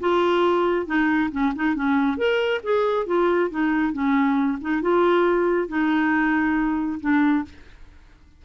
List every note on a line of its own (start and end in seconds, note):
0.00 0.86 F4
0.86 1.30 D#4
1.31 1.53 C#4
1.55 1.75 D#4
1.75 2.17 C#4
2.17 2.61 A#4
2.63 3.06 G#4
3.06 3.50 F4
3.50 3.93 D#4
3.93 4.58 C#4
4.61 4.82 D#4
4.82 5.68 F4
5.68 7.00 D#4
7.01 7.45 D4